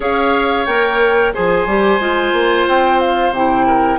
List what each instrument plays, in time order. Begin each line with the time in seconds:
0.00 bassoon C#4, clarinet G#4, oboe C#5, flute F5
0.65 bassoon A#3, clarinet A#4, flute G5
1.33 bassoon F3, clarinet G#4, oboe C5, flute G#5
1.66 bassoon G3, clarinet G4
1.99 bassoon G#3, clarinet F4
2.32 bassoon A#3
2.67 bassoon C4, flute G5
2.99 flute F5
3.30 bassoon C3, clarinet E4, flute G5
3.66 oboe A#4